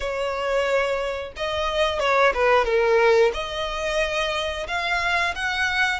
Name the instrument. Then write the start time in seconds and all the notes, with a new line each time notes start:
violin
0.00 C#5
1.36 D#5
1.99 C#5
2.33 B4
2.65 A#4
3.33 D#5
4.67 F5
5.35 F#5